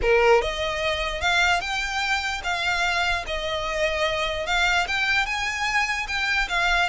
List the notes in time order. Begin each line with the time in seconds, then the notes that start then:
0.01 A#4
0.41 D#5
1.21 F5
1.60 G5
2.43 F5
3.26 D#5
4.46 F5
4.87 G5
5.25 G#5
6.07 G5
6.48 F5